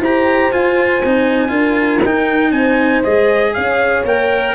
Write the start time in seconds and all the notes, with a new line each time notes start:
0.00 E4 G4 C5 A#5
0.51 F4 G#5
1.04 C4 D#4
1.48 D4 F4 A#4
2.05 D#4 G5
2.51 C4 C5 G#5
3.04 G#3 G#4 D#5
3.53 C#4 C#5 F5
4.04 A#3 A#4 G5